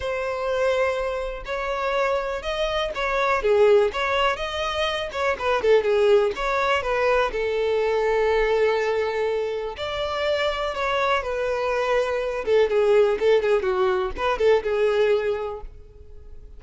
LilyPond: \new Staff \with { instrumentName = "violin" } { \time 4/4 \tempo 4 = 123 c''2. cis''4~ | cis''4 dis''4 cis''4 gis'4 | cis''4 dis''4. cis''8 b'8 a'8 | gis'4 cis''4 b'4 a'4~ |
a'1 | d''2 cis''4 b'4~ | b'4. a'8 gis'4 a'8 gis'8 | fis'4 b'8 a'8 gis'2 | }